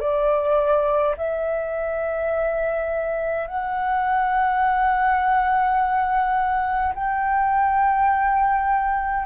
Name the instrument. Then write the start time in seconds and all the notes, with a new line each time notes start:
flute
0.00 D5
1.17 E5
3.47 F#5
6.95 G5